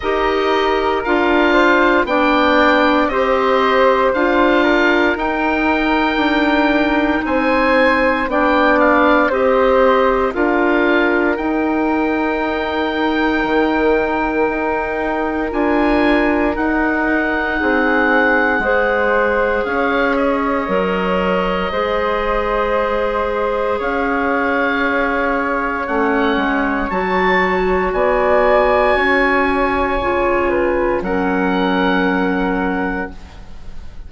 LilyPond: <<
  \new Staff \with { instrumentName = "oboe" } { \time 4/4 \tempo 4 = 58 dis''4 f''4 g''4 dis''4 | f''4 g''2 gis''4 | g''8 f''8 dis''4 f''4 g''4~ | g''2. gis''4 |
fis''2. f''8 dis''8~ | dis''2. f''4~ | f''4 fis''4 a''4 gis''4~ | gis''2 fis''2 | }
  \new Staff \with { instrumentName = "flute" } { \time 4/4 ais'4. c''8 d''4 c''4~ | c''8 ais'2~ ais'8 c''4 | d''4 c''4 ais'2~ | ais'1~ |
ais'4 gis'4 c''4 cis''4~ | cis''4 c''2 cis''4~ | cis''2. d''4 | cis''4. b'8 ais'2 | }
  \new Staff \with { instrumentName = "clarinet" } { \time 4/4 g'4 f'4 d'4 g'4 | f'4 dis'2. | d'4 g'4 f'4 dis'4~ | dis'2. f'4 |
dis'2 gis'2 | ais'4 gis'2.~ | gis'4 cis'4 fis'2~ | fis'4 f'4 cis'2 | }
  \new Staff \with { instrumentName = "bassoon" } { \time 4/4 dis'4 d'4 b4 c'4 | d'4 dis'4 d'4 c'4 | b4 c'4 d'4 dis'4~ | dis'4 dis4 dis'4 d'4 |
dis'4 c'4 gis4 cis'4 | fis4 gis2 cis'4~ | cis'4 a8 gis8 fis4 b4 | cis'4 cis4 fis2 | }
>>